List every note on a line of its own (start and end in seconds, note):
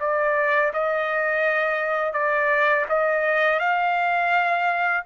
0.00 0.72 D5
0.73 2.13 D#5
2.13 2.86 D5
2.89 3.59 D#5
3.59 5.04 F5